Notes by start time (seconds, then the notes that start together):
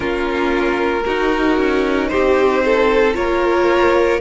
0.00 A#3 C#4 F4 A#4
1.05 D#4 F#4
1.57 C#4
2.08 G4 C5
2.14 C4
2.64 A4
3.14 A#3 F4 A#4 C#5